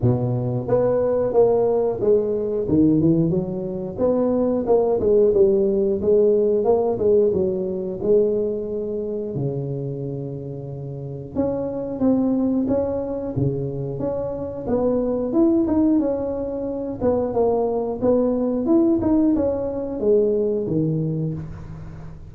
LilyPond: \new Staff \with { instrumentName = "tuba" } { \time 4/4 \tempo 4 = 90 b,4 b4 ais4 gis4 | dis8 e8 fis4 b4 ais8 gis8 | g4 gis4 ais8 gis8 fis4 | gis2 cis2~ |
cis4 cis'4 c'4 cis'4 | cis4 cis'4 b4 e'8 dis'8 | cis'4. b8 ais4 b4 | e'8 dis'8 cis'4 gis4 dis4 | }